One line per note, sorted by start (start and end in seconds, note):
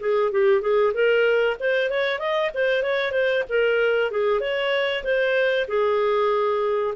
0.00 0.32 G#4
0.32 0.61 G4
0.61 0.92 G#4
0.93 1.56 A#4
1.60 1.90 C5
1.90 2.18 C#5
2.18 2.50 D#5
2.54 2.83 C5
2.83 3.11 C#5
3.11 3.43 C5
3.49 4.11 A#4
4.11 4.40 G#4
4.40 5.03 C#5
5.03 5.66 C5
5.68 6.94 G#4